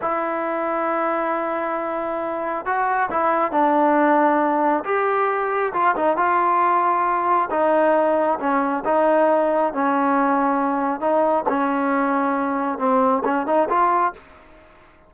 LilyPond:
\new Staff \with { instrumentName = "trombone" } { \time 4/4 \tempo 4 = 136 e'1~ | e'2 fis'4 e'4 | d'2. g'4~ | g'4 f'8 dis'8 f'2~ |
f'4 dis'2 cis'4 | dis'2 cis'2~ | cis'4 dis'4 cis'2~ | cis'4 c'4 cis'8 dis'8 f'4 | }